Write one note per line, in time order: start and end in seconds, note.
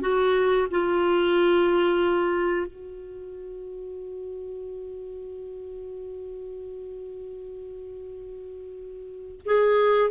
0.00 0.67 F#4
0.70 2.66 F4
2.66 9.40 F#4
9.45 10.10 G#4